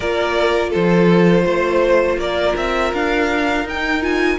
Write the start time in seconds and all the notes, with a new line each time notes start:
0.00 A#3 F4 A#4 D5
0.70 F3 A4 C5
1.45 A3 C5
2.16 A#3 A#4 D5
2.56 C4 E5
2.93 D4 F5
3.64 D#4 G5
4.02 F4 G#5